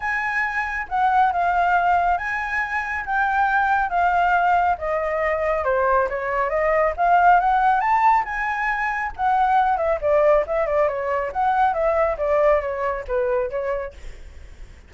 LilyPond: \new Staff \with { instrumentName = "flute" } { \time 4/4 \tempo 4 = 138 gis''2 fis''4 f''4~ | f''4 gis''2 g''4~ | g''4 f''2 dis''4~ | dis''4 c''4 cis''4 dis''4 |
f''4 fis''4 a''4 gis''4~ | gis''4 fis''4. e''8 d''4 | e''8 d''8 cis''4 fis''4 e''4 | d''4 cis''4 b'4 cis''4 | }